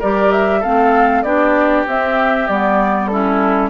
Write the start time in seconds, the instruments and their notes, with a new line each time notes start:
0.00 bassoon G3, clarinet G4, oboe A#4, flute D5
0.32 flute E5
0.60 clarinet C4, oboe A4, flute F5
0.66 bassoon A3
1.23 bassoon B3, clarinet D4, oboe G4, flute D5
1.87 bassoon C4, clarinet C4, flute E5
2.48 bassoon G3, clarinet B3, flute D5
3.08 clarinet C#4, oboe E4, flute A4